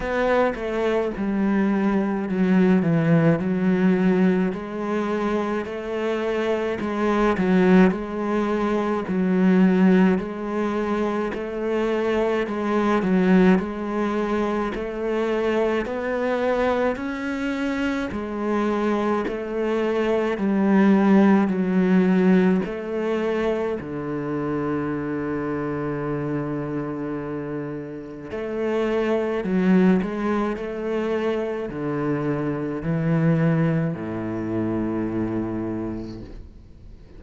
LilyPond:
\new Staff \with { instrumentName = "cello" } { \time 4/4 \tempo 4 = 53 b8 a8 g4 fis8 e8 fis4 | gis4 a4 gis8 fis8 gis4 | fis4 gis4 a4 gis8 fis8 | gis4 a4 b4 cis'4 |
gis4 a4 g4 fis4 | a4 d2.~ | d4 a4 fis8 gis8 a4 | d4 e4 a,2 | }